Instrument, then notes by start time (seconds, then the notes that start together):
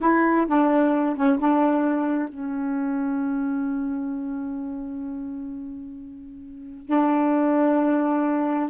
saxophone
0.01 E4
0.47 D4
1.16 C#4
1.39 D4
2.28 C#4
6.86 D4